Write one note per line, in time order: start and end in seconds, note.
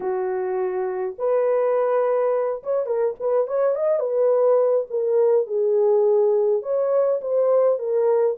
0.00 1.15 F#4
1.18 2.62 B4
2.63 2.86 C#5
2.86 3.14 A#4
3.19 3.47 B4
3.47 3.75 C#5
3.75 3.99 D#5
3.99 4.86 B4
4.90 5.47 A#4
5.47 6.62 G#4
6.62 7.20 C#5
7.21 7.78 C5
7.78 8.36 A#4